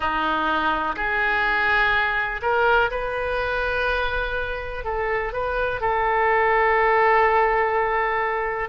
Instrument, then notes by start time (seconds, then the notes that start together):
oboe
0.00 D#4
0.96 G#4
2.41 A#4
2.90 B4
4.84 A4
5.32 B4
5.81 A4